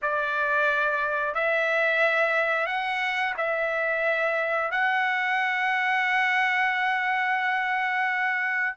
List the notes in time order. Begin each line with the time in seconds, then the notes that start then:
0.02 D5
1.34 E5
2.66 F#5
3.37 E5
4.71 F#5